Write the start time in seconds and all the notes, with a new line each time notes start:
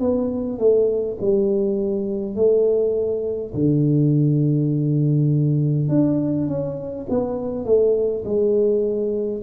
0.00 B3
0.58 A3
1.21 G3
2.35 A3
3.54 D3
5.89 D4
6.48 C#4
7.10 B3
7.65 A3
8.25 G#3